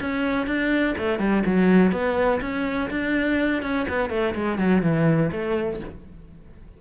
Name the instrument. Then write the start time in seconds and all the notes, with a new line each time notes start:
cello
0.00 C#4
0.46 D4
0.98 A3
1.19 G3
1.45 F#3
1.92 B3
2.41 C#4
2.90 D4
3.62 C#4
3.88 B3
4.10 A3
4.34 G#3
4.58 F#3
4.82 E3
5.32 A3